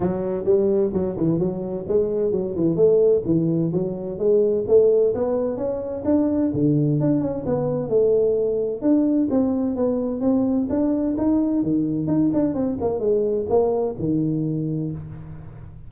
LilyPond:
\new Staff \with { instrumentName = "tuba" } { \time 4/4 \tempo 4 = 129 fis4 g4 fis8 e8 fis4 | gis4 fis8 e8 a4 e4 | fis4 gis4 a4 b4 | cis'4 d'4 d4 d'8 cis'8 |
b4 a2 d'4 | c'4 b4 c'4 d'4 | dis'4 dis4 dis'8 d'8 c'8 ais8 | gis4 ais4 dis2 | }